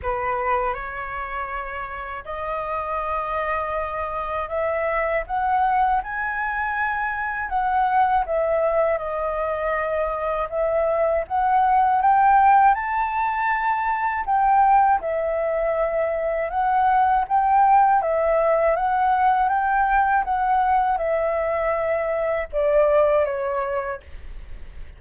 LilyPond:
\new Staff \with { instrumentName = "flute" } { \time 4/4 \tempo 4 = 80 b'4 cis''2 dis''4~ | dis''2 e''4 fis''4 | gis''2 fis''4 e''4 | dis''2 e''4 fis''4 |
g''4 a''2 g''4 | e''2 fis''4 g''4 | e''4 fis''4 g''4 fis''4 | e''2 d''4 cis''4 | }